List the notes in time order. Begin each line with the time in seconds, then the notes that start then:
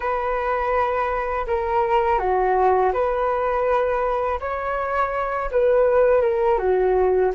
0.00 B4
1.46 A#4
2.19 F#4
2.93 B4
4.40 C#5
5.51 B4
6.21 A#4
6.58 F#4